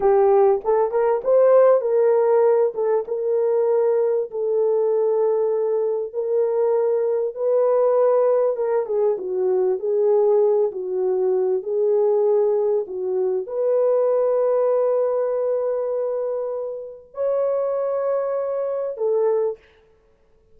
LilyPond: \new Staff \with { instrumentName = "horn" } { \time 4/4 \tempo 4 = 98 g'4 a'8 ais'8 c''4 ais'4~ | ais'8 a'8 ais'2 a'4~ | a'2 ais'2 | b'2 ais'8 gis'8 fis'4 |
gis'4. fis'4. gis'4~ | gis'4 fis'4 b'2~ | b'1 | cis''2. a'4 | }